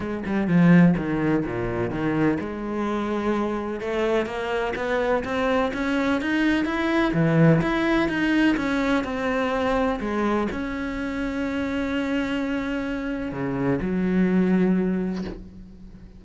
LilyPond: \new Staff \with { instrumentName = "cello" } { \time 4/4 \tempo 4 = 126 gis8 g8 f4 dis4 ais,4 | dis4 gis2. | a4 ais4 b4 c'4 | cis'4 dis'4 e'4 e4 |
e'4 dis'4 cis'4 c'4~ | c'4 gis4 cis'2~ | cis'1 | cis4 fis2. | }